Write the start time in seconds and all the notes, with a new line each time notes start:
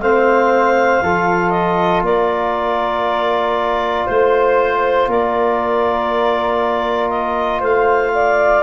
0.00 A3 C4 C5 F5
1.03 F3 F4 A4
1.50 D#5
2.02 A#3 A#4 D5
4.06 A3 C5
5.07 A#3 A#4 D5
7.10 D#5
7.60 A3 C5 F5
8.14 D5